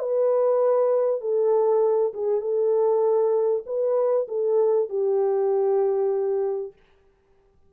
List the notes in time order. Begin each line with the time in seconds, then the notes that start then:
0.00 B4
1.21 A4
2.14 G#4
2.41 A4
3.67 B4
4.28 A4
4.90 G4